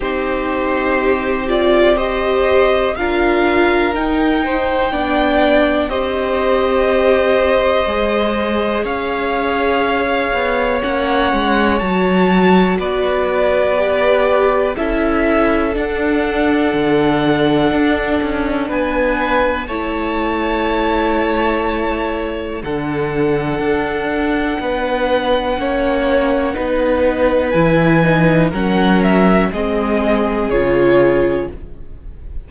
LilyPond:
<<
  \new Staff \with { instrumentName = "violin" } { \time 4/4 \tempo 4 = 61 c''4. d''8 dis''4 f''4 | g''2 dis''2~ | dis''4 f''2 fis''4 | a''4 d''2 e''4 |
fis''2. gis''4 | a''2. fis''4~ | fis''1 | gis''4 fis''8 e''8 dis''4 cis''4 | }
  \new Staff \with { instrumentName = "violin" } { \time 4/4 g'2 c''4 ais'4~ | ais'8 c''8 d''4 c''2~ | c''4 cis''2.~ | cis''4 b'2 a'4~ |
a'2. b'4 | cis''2. a'4~ | a'4 b'4 cis''4 b'4~ | b'4 ais'4 gis'2 | }
  \new Staff \with { instrumentName = "viola" } { \time 4/4 dis'4. f'8 g'4 f'4 | dis'4 d'4 g'2 | gis'2. cis'4 | fis'2 g'4 e'4 |
d'1 | e'2. d'4~ | d'2 cis'4 dis'4 | e'8 dis'8 cis'4 c'4 f'4 | }
  \new Staff \with { instrumentName = "cello" } { \time 4/4 c'2. d'4 | dis'4 b4 c'2 | gis4 cis'4. b8 ais8 gis8 | fis4 b2 cis'4 |
d'4 d4 d'8 cis'8 b4 | a2. d4 | d'4 b4 ais4 b4 | e4 fis4 gis4 cis4 | }
>>